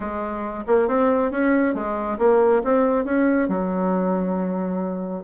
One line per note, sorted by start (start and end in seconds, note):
0.00 0.64 G#3
0.66 0.88 A#3
0.88 1.31 C4
1.31 1.74 C#4
1.74 2.18 G#3
2.18 2.62 A#3
2.64 3.04 C4
3.04 3.48 C#4
3.48 5.23 F#3